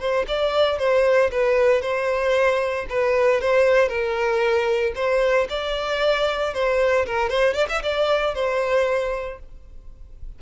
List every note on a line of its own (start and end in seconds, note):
0.00 0.26 C5
0.28 0.79 D5
0.79 1.31 C5
1.31 1.82 B4
1.82 2.86 C5
2.90 3.41 B4
3.41 3.89 C5
3.89 4.93 A#4
4.95 5.48 C5
5.49 6.54 D5
6.54 7.06 C5
7.06 7.29 A#4
7.29 7.54 C5
7.54 7.67 D5
7.69 7.82 E5
7.83 8.35 D5
8.35 9.39 C5